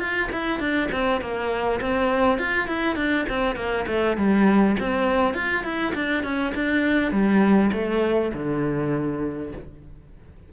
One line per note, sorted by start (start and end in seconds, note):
0.00 0.30 F4
0.32 0.60 E4
0.60 0.90 D4
0.92 1.22 C4
1.22 1.81 A#3
1.81 2.39 C4
2.39 2.68 F4
2.68 2.96 E4
2.96 3.26 D4
3.29 3.56 C4
3.56 3.86 A#3
3.87 4.17 A3
4.17 4.77 G3
4.80 5.35 C4
5.35 5.64 F4
5.64 5.94 E4
5.95 6.24 D4
6.24 6.53 C#4
6.55 7.12 D4
7.12 7.71 G3
7.73 8.32 A3
8.34 9.53 D3